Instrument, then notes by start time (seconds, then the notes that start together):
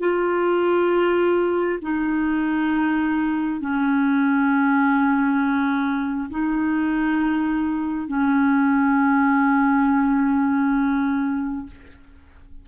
clarinet
0.00 F4
1.82 D#4
3.61 C#4
6.31 D#4
8.08 C#4